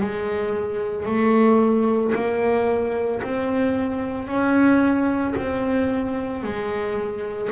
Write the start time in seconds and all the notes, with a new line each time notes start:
0.00 G#3
1.06 A3
2.14 A#3
3.22 C4
4.27 C#4
5.37 C4
6.43 G#3